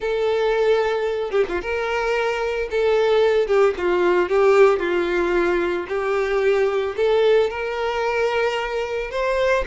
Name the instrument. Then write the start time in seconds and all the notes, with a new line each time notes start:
violin
0.00 A4
1.31 G4
1.48 F4
1.61 A#4
2.71 A4
3.47 G4
3.77 F4
4.29 G4
4.79 F4
5.88 G4
6.96 A4
7.50 A#4
9.10 C5